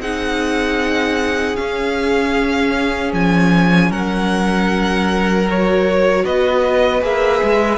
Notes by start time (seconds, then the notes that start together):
0.00 C4 D#4 G#4 F#5
1.56 C#4 F5
3.13 F3 G#5
3.90 F#3 A#4 F#5
5.48 F#4 C#5
6.24 B3 B4 D#5
7.01 A#3 G#4 E5
7.43 G#3